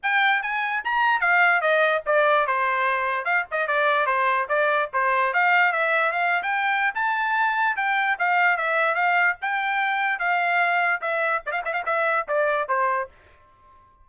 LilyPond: \new Staff \with { instrumentName = "trumpet" } { \time 4/4 \tempo 4 = 147 g''4 gis''4 ais''4 f''4 | dis''4 d''4 c''2 | f''8 dis''8 d''4 c''4 d''4 | c''4 f''4 e''4 f''8. g''16~ |
g''4 a''2 g''4 | f''4 e''4 f''4 g''4~ | g''4 f''2 e''4 | d''16 f''16 e''16 f''16 e''4 d''4 c''4 | }